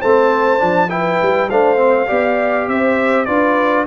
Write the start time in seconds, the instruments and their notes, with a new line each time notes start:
0.00 tuba A3, trombone C4, horn C5, trumpet A5
0.59 tuba F3, trombone D4
0.89 trombone E4, horn B4, trumpet G5
1.22 tuba G3
1.50 tuba A3, trombone D4, horn C5, trumpet F5
1.77 trombone C4
2.07 tuba B3, trombone G4, horn D5
2.68 tuba C4, horn C5, trumpet E5
3.25 tuba D4, trombone F4, horn B4, trumpet D5